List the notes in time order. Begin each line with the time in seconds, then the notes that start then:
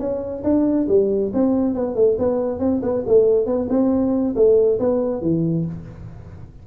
0.00 C#4
0.44 D4
0.89 G3
1.34 C4
1.75 B3
1.96 A3
2.19 B3
2.60 C4
2.83 B3
3.07 A3
3.47 B3
3.70 C4
4.36 A3
4.80 B3
5.22 E3